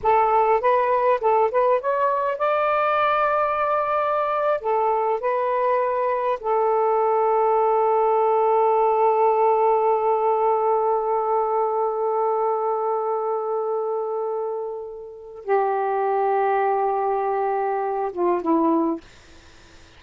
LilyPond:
\new Staff \with { instrumentName = "saxophone" } { \time 4/4 \tempo 4 = 101 a'4 b'4 a'8 b'8 cis''4 | d''2.~ d''8. a'16~ | a'8. b'2 a'4~ a'16~ | a'1~ |
a'1~ | a'1~ | a'2 g'2~ | g'2~ g'8 f'8 e'4 | }